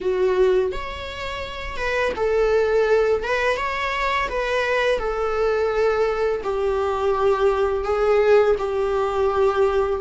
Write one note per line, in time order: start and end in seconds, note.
0.01 0.71 F#4
0.71 1.76 C#5
1.76 2.12 B4
2.16 3.23 A4
3.23 3.56 B4
3.56 4.28 C#5
4.28 4.98 B4
4.98 6.41 A4
6.43 7.84 G4
7.84 8.55 G#4
8.58 10.01 G4